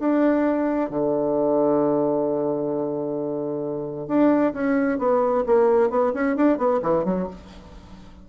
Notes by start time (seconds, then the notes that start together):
0.00 D4
0.90 D3
4.08 D4
4.54 C#4
4.99 B3
5.47 A#3
5.90 B3
6.14 C#4
6.37 D4
6.58 B3
6.83 E3
7.05 F#3